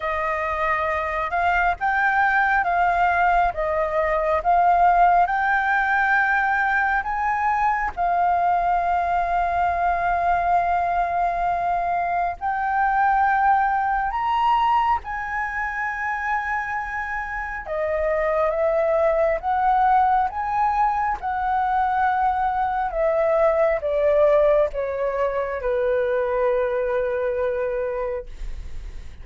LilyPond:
\new Staff \with { instrumentName = "flute" } { \time 4/4 \tempo 4 = 68 dis''4. f''8 g''4 f''4 | dis''4 f''4 g''2 | gis''4 f''2.~ | f''2 g''2 |
ais''4 gis''2. | dis''4 e''4 fis''4 gis''4 | fis''2 e''4 d''4 | cis''4 b'2. | }